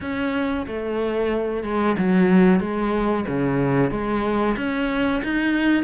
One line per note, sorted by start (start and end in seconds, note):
0.00 0.66 C#4
0.66 1.63 A3
1.63 1.96 G#3
1.98 2.60 F#3
2.60 3.25 G#3
3.27 3.90 C#3
3.90 4.56 G#3
4.57 5.22 C#4
5.24 5.83 D#4